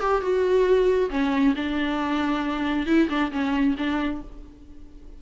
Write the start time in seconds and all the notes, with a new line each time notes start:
0.00 G4
0.21 F#4
1.10 C#4
1.55 D4
2.86 E4
3.09 D4
3.31 C#4
3.77 D4